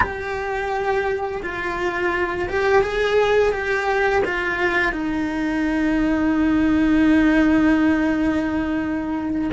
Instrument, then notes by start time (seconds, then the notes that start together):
cello
0.00 G4
1.42 F4
2.48 G4
2.82 G#4
3.51 G4
4.24 F4
4.92 D#4